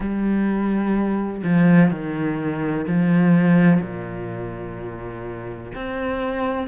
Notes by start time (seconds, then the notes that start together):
0.00 G3
1.43 F3
1.90 D#3
2.87 F3
3.81 A#2
5.74 C4